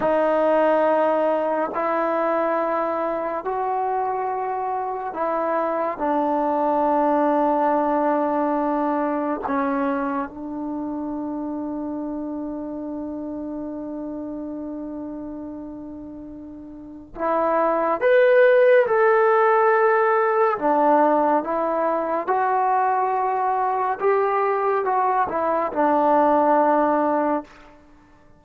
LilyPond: \new Staff \with { instrumentName = "trombone" } { \time 4/4 \tempo 4 = 70 dis'2 e'2 | fis'2 e'4 d'4~ | d'2. cis'4 | d'1~ |
d'1 | e'4 b'4 a'2 | d'4 e'4 fis'2 | g'4 fis'8 e'8 d'2 | }